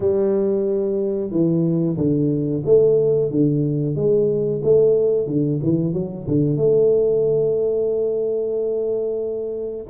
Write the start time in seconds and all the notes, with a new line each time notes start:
0.00 G3
1.30 E3
1.97 D3
2.65 A3
3.30 D3
3.95 G#3
4.63 A3
5.27 D3
5.62 E3
5.93 F#3
6.27 D3
6.56 A3